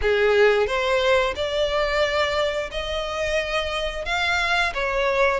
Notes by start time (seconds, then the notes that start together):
0.01 G#4
0.66 C5
1.35 D5
2.71 D#5
4.05 F5
4.74 C#5